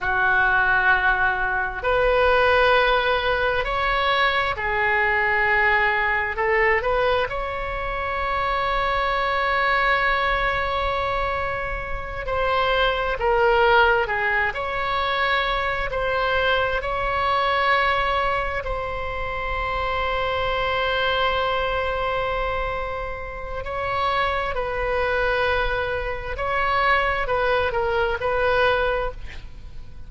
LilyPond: \new Staff \with { instrumentName = "oboe" } { \time 4/4 \tempo 4 = 66 fis'2 b'2 | cis''4 gis'2 a'8 b'8 | cis''1~ | cis''4. c''4 ais'4 gis'8 |
cis''4. c''4 cis''4.~ | cis''8 c''2.~ c''8~ | c''2 cis''4 b'4~ | b'4 cis''4 b'8 ais'8 b'4 | }